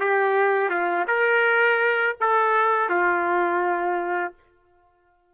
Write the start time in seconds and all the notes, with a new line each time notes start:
0.00 G4
0.70 F4
1.08 A#4
2.20 A4
2.89 F4